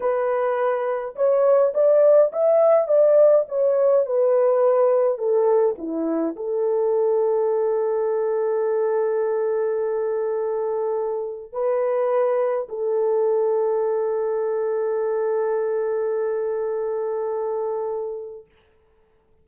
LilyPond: \new Staff \with { instrumentName = "horn" } { \time 4/4 \tempo 4 = 104 b'2 cis''4 d''4 | e''4 d''4 cis''4 b'4~ | b'4 a'4 e'4 a'4~ | a'1~ |
a'1 | b'2 a'2~ | a'1~ | a'1 | }